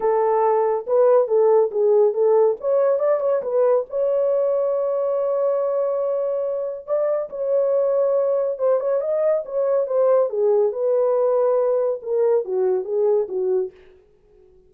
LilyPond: \new Staff \with { instrumentName = "horn" } { \time 4/4 \tempo 4 = 140 a'2 b'4 a'4 | gis'4 a'4 cis''4 d''8 cis''8 | b'4 cis''2.~ | cis''1 |
d''4 cis''2. | c''8 cis''8 dis''4 cis''4 c''4 | gis'4 b'2. | ais'4 fis'4 gis'4 fis'4 | }